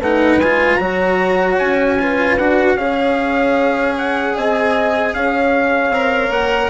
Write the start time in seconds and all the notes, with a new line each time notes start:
0.00 A3 D#4 B4 F#5
0.37 G#3 G#5
0.43 F4
0.76 F#3 F#4 C#5 A#5
1.59 C#4 G#5
2.00 F4 B4
2.38 D4 F#4 F#5
2.76 C#4 G#4 C#5 F5
3.98 F#5
4.36 C4 D#5 G#5
5.14 C#4 C#5 F5
5.89 C4 A#4
6.30 A#3 F#5